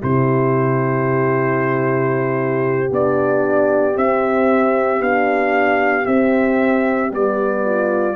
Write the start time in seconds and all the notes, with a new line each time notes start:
0.00 C3 E4 G4 C5
2.90 B3 D4 D5
3.94 C4 E5
5.00 B3 D4 F5
6.05 C4 E5
7.09 G3 B3 D5
7.65 F4